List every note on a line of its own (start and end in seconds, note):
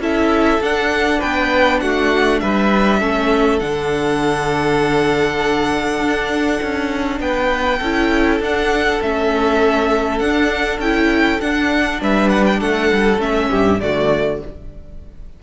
0.00 0.60 C#4
0.00 0.62 E4
0.00 1.19 A4
0.00 0.63 E5
0.61 1.21 D4
0.61 3.01 D4
0.61 1.21 F#5
1.19 1.82 B3
1.19 1.79 B4
1.19 1.80 G5
1.80 2.42 A3
1.80 2.42 F#4
1.80 2.40 F#5
2.40 3.02 G3
2.40 3.00 B4
2.40 3.60 E5
3.00 3.61 A3
3.00 3.61 C#4
3.00 7.20 A4
3.60 6.00 D3
3.60 7.81 D4
3.60 7.20 F#5
6.00 6.60 D4
6.63 7.20 C#4
7.20 7.80 B3
7.20 7.79 B4
7.20 8.42 G5
7.79 8.40 C#4
7.79 8.42 E4
7.79 12.00 A4
8.40 9.00 D4
8.40 9.02 D4
8.40 9.03 F#5
9.02 10.20 A3
9.02 10.24 C#4
9.02 10.19 E5
10.19 10.79 D4
10.19 10.79 F#5
10.26 10.83 D4
10.79 11.39 C#4
10.79 11.41 E4
10.79 11.41 G5
11.41 13.19 D4
11.41 12.02 D4
11.41 12.01 F#5
12.02 12.61 G3
12.02 12.60 B4
12.02 12.30 E5
12.30 12.45 F#5
12.47 12.61 G5
12.60 12.91 A3
12.60 13.50 A4
12.60 13.21 F#5
12.93 13.19 G3
13.19 13.49 A3
13.19 13.79 C#4
13.19 13.81 E5
13.50 13.82 G2
13.50 13.80 G4
13.81 14.43 D3
13.81 14.42 A3
13.81 14.43 F#4
13.81 14.41 D5